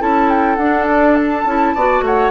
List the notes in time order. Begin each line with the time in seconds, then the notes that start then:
0.00 C#4 E4 A4 A5
0.30 G5
0.56 D4 F#5
0.87 D5
1.16 A5
1.45 C#4 E4
1.75 B3 F#4 D5
2.01 A3 C#5 F#5